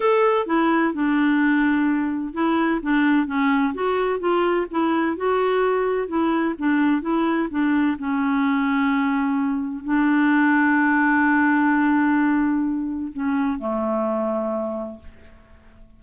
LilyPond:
\new Staff \with { instrumentName = "clarinet" } { \time 4/4 \tempo 4 = 128 a'4 e'4 d'2~ | d'4 e'4 d'4 cis'4 | fis'4 f'4 e'4 fis'4~ | fis'4 e'4 d'4 e'4 |
d'4 cis'2.~ | cis'4 d'2.~ | d'1 | cis'4 a2. | }